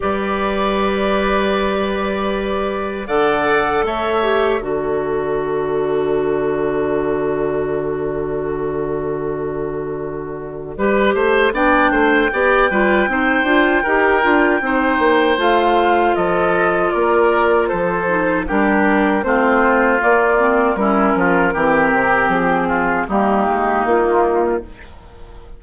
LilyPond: <<
  \new Staff \with { instrumentName = "flute" } { \time 4/4 \tempo 4 = 78 d''1 | fis''4 e''4 d''2~ | d''1~ | d''2. g''4~ |
g''1 | f''4 dis''4 d''4 c''4 | ais'4 c''4 d''4 ais'4~ | ais'4 gis'4 g'4 f'4 | }
  \new Staff \with { instrumentName = "oboe" } { \time 4/4 b'1 | d''4 cis''4 a'2~ | a'1~ | a'2 b'8 c''8 d''8 c''8 |
d''8 b'8 c''4 ais'4 c''4~ | c''4 a'4 ais'4 a'4 | g'4 f'2 e'8 f'8 | g'4. f'8 dis'2 | }
  \new Staff \with { instrumentName = "clarinet" } { \time 4/4 g'1 | a'4. g'8 fis'2~ | fis'1~ | fis'2 g'4 d'4 |
g'8 f'8 dis'8 f'8 g'8 f'8 dis'4 | f'2.~ f'8 dis'8 | d'4 c'4 ais8 c'8 cis'4 | c'2 ais2 | }
  \new Staff \with { instrumentName = "bassoon" } { \time 4/4 g1 | d4 a4 d2~ | d1~ | d2 g8 a8 b8 a8 |
b8 g8 c'8 d'8 dis'8 d'8 c'8 ais8 | a4 f4 ais4 f4 | g4 a4 ais4 g8 f8 | e8 c8 f4 g8 gis8 ais4 | }
>>